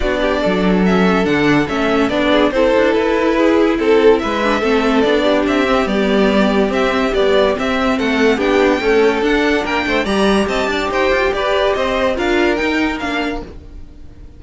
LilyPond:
<<
  \new Staff \with { instrumentName = "violin" } { \time 4/4 \tempo 4 = 143 d''2 e''4 fis''4 | e''4 d''4 c''4 b'4~ | b'4 a'4 e''2 | d''4 e''4 d''2 |
e''4 d''4 e''4 fis''4 | g''2 fis''4 g''4 | ais''4 a''4 g''4 d''4 | dis''4 f''4 g''4 f''4 | }
  \new Staff \with { instrumentName = "violin" } { \time 4/4 fis'8 g'8 a'2.~ | a'4. gis'8 a'2 | gis'4 a'4 b'4 a'4~ | a'8 g'2.~ g'8~ |
g'2. a'4 | g'4 a'2 ais'8 c''8 | d''4 dis''8 d''8 c''4 b'4 | c''4 ais'2. | }
  \new Staff \with { instrumentName = "viola" } { \time 4/4 d'2 cis'4 d'4 | cis'4 d'4 e'2~ | e'2~ e'8 d'8 c'4 | d'4. c'8 b2 |
c'4 g4 c'2 | d'4 a4 d'2 | g'1~ | g'4 f'4 dis'4 d'4 | }
  \new Staff \with { instrumentName = "cello" } { \time 4/4 b4 fis2 d4 | a4 b4 c'8 d'8 e'4~ | e'4 c'4 gis4 a4 | b4 c'4 g2 |
c'4 b4 c'4 a4 | b4 cis'4 d'4 ais8 a8 | g4 c'8 d'8 dis'8 f'8 g'4 | c'4 d'4 dis'4 ais4 | }
>>